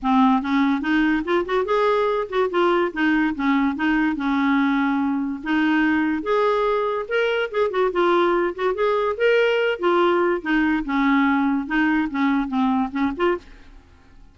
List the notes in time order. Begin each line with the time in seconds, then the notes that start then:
0.02 C4
0.41 C#4
0.81 D#4
1.24 F4
1.45 F#4
1.65 G#4
2.29 F#4
2.50 F4
2.93 D#4
3.35 C#4
3.75 D#4
4.16 C#4
5.43 D#4
6.22 G#4
7.08 A#4
7.51 G#4
7.70 F#4
7.91 F4
8.55 F#4
8.74 G#4
9.17 A#4
9.79 F4
10.41 D#4
10.84 C#4
11.66 D#4
12.10 C#4
12.48 C4
12.91 C#4
13.16 F4